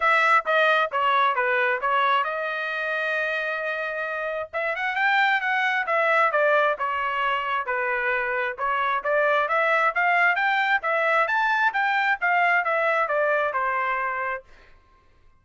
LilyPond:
\new Staff \with { instrumentName = "trumpet" } { \time 4/4 \tempo 4 = 133 e''4 dis''4 cis''4 b'4 | cis''4 dis''2.~ | dis''2 e''8 fis''8 g''4 | fis''4 e''4 d''4 cis''4~ |
cis''4 b'2 cis''4 | d''4 e''4 f''4 g''4 | e''4 a''4 g''4 f''4 | e''4 d''4 c''2 | }